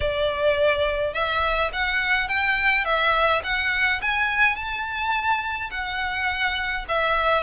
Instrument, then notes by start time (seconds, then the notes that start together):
violin
0.00 D5
1.13 E5
1.72 F#5
2.28 G5
2.84 E5
3.43 F#5
4.01 G#5
4.55 A5
5.71 F#5
6.88 E5